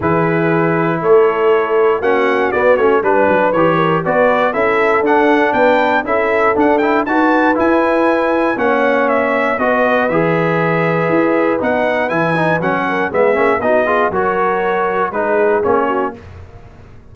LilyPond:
<<
  \new Staff \with { instrumentName = "trumpet" } { \time 4/4 \tempo 4 = 119 b'2 cis''2 | fis''4 d''8 cis''8 b'4 cis''4 | d''4 e''4 fis''4 g''4 | e''4 fis''8 g''8 a''4 gis''4~ |
gis''4 fis''4 e''4 dis''4 | e''2. fis''4 | gis''4 fis''4 e''4 dis''4 | cis''2 b'4 cis''4 | }
  \new Staff \with { instrumentName = "horn" } { \time 4/4 gis'2 a'2 | fis'2 b'4. ais'8 | b'4 a'2 b'4 | a'2 b'2~ |
b'4 cis''2 b'4~ | b'1~ | b'4. ais'8 gis'4 fis'8 gis'8 | ais'2 gis'4. fis'8 | }
  \new Staff \with { instrumentName = "trombone" } { \time 4/4 e'1 | cis'4 b8 cis'8 d'4 g'4 | fis'4 e'4 d'2 | e'4 d'8 e'8 fis'4 e'4~ |
e'4 cis'2 fis'4 | gis'2. dis'4 | e'8 dis'8 cis'4 b8 cis'8 dis'8 f'8 | fis'2 dis'4 cis'4 | }
  \new Staff \with { instrumentName = "tuba" } { \time 4/4 e2 a2 | ais4 b8 a8 g8 fis8 e4 | b4 cis'4 d'4 b4 | cis'4 d'4 dis'4 e'4~ |
e'4 ais2 b4 | e2 e'4 b4 | e4 fis4 gis8 ais8 b4 | fis2 gis4 ais4 | }
>>